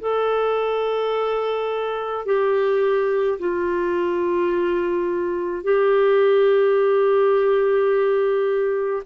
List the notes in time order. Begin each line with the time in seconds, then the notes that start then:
0.00 A4
2.25 G4
3.39 F4
5.63 G4